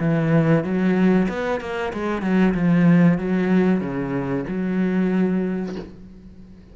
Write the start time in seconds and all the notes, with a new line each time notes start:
0.00 E3
0.64 F#3
1.29 B3
1.61 A#3
1.93 G#3
2.22 F#3
2.54 F3
3.19 F#3
3.81 C#3
4.48 F#3